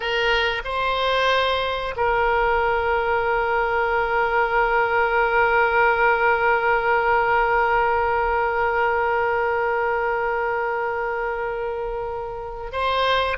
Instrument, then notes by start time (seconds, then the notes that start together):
oboe
0.00 A#4
0.64 C5
1.96 A#4
12.72 C5